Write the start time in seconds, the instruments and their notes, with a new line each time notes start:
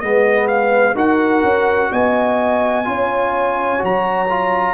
0.00 tuba G#3, trombone B3, horn B4, trumpet D#5
0.48 trumpet F5
0.95 tuba D#4, trombone F#4, horn A#4, trumpet F#5
1.43 tuba C#4
1.92 tuba B3, horn D#5, trumpet G#5
2.85 tuba C#4, trombone F4, horn C#5
3.79 tuba F#3, trombone F#4, trumpet A#5
4.30 trombone F4